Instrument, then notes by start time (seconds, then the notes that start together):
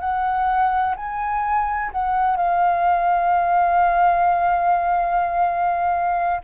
flute
0.00 F#5
0.96 G#5
1.92 F#5
2.37 F5